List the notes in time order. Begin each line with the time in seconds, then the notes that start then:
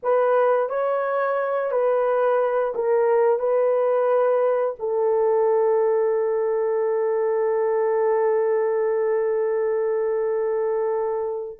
0.02 B4
0.68 C#5
1.71 B4
2.75 A#4
3.39 B4
4.79 A4